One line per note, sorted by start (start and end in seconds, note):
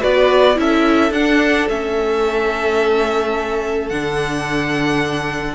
0.00 0.58 B3
0.00 0.55 F#4
0.00 0.56 B4
0.00 0.58 D5
0.55 1.11 C#4
0.55 1.10 E4
0.55 5.55 A4
0.55 1.12 E5
1.11 1.66 D4
1.11 1.69 D4
1.11 1.68 F#5
1.69 3.90 A3
1.69 3.91 C#4
1.69 3.89 E5
3.89 5.55 D3
3.89 5.55 D4
3.89 5.55 F#5